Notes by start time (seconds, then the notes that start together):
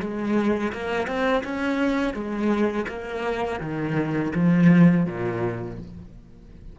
0.00 G#3
0.73 A#3
1.07 C4
1.44 C#4
2.14 G#3
2.88 A#3
3.60 D#3
4.35 F3
5.06 A#2